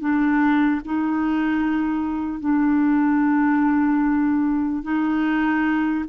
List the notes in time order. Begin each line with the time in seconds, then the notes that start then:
0.00 D4
0.85 D#4
2.40 D4
4.83 D#4